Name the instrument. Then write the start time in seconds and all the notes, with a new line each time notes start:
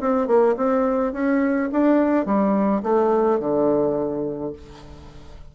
bassoon
0.00 C4
0.27 A#3
0.57 C4
1.12 C#4
1.72 D4
2.25 G3
2.83 A3
3.39 D3